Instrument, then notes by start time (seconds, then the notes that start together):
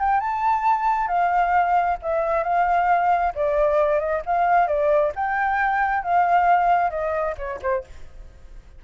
flute
0.00 G5
0.21 A5
1.08 F5
2.03 E5
2.44 F5
3.35 D5
4.00 D#5
4.26 F5
4.68 D5
5.16 G5
6.04 F5
6.91 D#5
7.38 C#5
7.62 C5